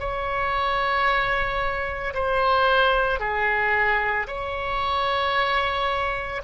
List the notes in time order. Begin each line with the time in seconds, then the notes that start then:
0.00 C#5
2.15 C5
3.20 G#4
4.28 C#5